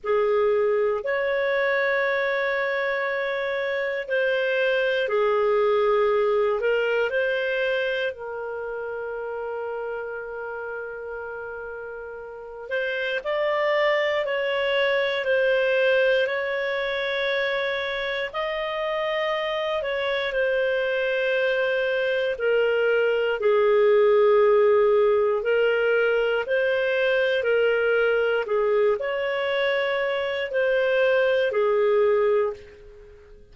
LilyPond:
\new Staff \with { instrumentName = "clarinet" } { \time 4/4 \tempo 4 = 59 gis'4 cis''2. | c''4 gis'4. ais'8 c''4 | ais'1~ | ais'8 c''8 d''4 cis''4 c''4 |
cis''2 dis''4. cis''8 | c''2 ais'4 gis'4~ | gis'4 ais'4 c''4 ais'4 | gis'8 cis''4. c''4 gis'4 | }